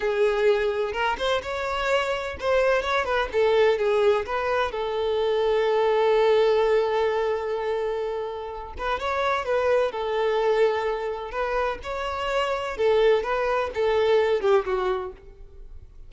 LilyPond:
\new Staff \with { instrumentName = "violin" } { \time 4/4 \tempo 4 = 127 gis'2 ais'8 c''8 cis''4~ | cis''4 c''4 cis''8 b'8 a'4 | gis'4 b'4 a'2~ | a'1~ |
a'2~ a'8 b'8 cis''4 | b'4 a'2. | b'4 cis''2 a'4 | b'4 a'4. g'8 fis'4 | }